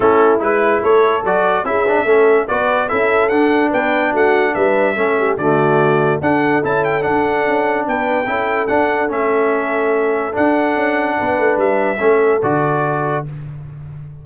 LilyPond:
<<
  \new Staff \with { instrumentName = "trumpet" } { \time 4/4 \tempo 4 = 145 a'4 b'4 cis''4 d''4 | e''2 d''4 e''4 | fis''4 g''4 fis''4 e''4~ | e''4 d''2 fis''4 |
a''8 g''8 fis''2 g''4~ | g''4 fis''4 e''2~ | e''4 fis''2. | e''2 d''2 | }
  \new Staff \with { instrumentName = "horn" } { \time 4/4 e'2 a'2 | gis'4 a'4 b'4 a'4~ | a'4 b'4 fis'4 b'4 | a'8 g'8 fis'2 a'4~ |
a'2. b'4 | a'1~ | a'2. b'4~ | b'4 a'2. | }
  \new Staff \with { instrumentName = "trombone" } { \time 4/4 cis'4 e'2 fis'4 | e'8 d'8 cis'4 fis'4 e'4 | d'1 | cis'4 a2 d'4 |
e'4 d'2. | e'4 d'4 cis'2~ | cis'4 d'2.~ | d'4 cis'4 fis'2 | }
  \new Staff \with { instrumentName = "tuba" } { \time 4/4 a4 gis4 a4 fis4 | cis'4 a4 b4 cis'4 | d'4 b4 a4 g4 | a4 d2 d'4 |
cis'4 d'4 cis'4 b4 | cis'4 d'4 a2~ | a4 d'4 cis'4 b8 a8 | g4 a4 d2 | }
>>